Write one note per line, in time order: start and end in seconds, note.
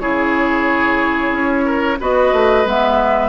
0.00 1.32 C#3
0.00 1.98 E4
0.00 1.65 G#4
0.00 1.98 C#5
1.32 1.98 C#4
1.65 1.98 A#4
2.00 2.32 B3
2.00 2.66 F#4
2.00 3.29 B4
2.00 2.68 D#5
2.32 2.65 A3
2.66 3.29 G#3
2.66 3.29 B3
2.66 3.29 E5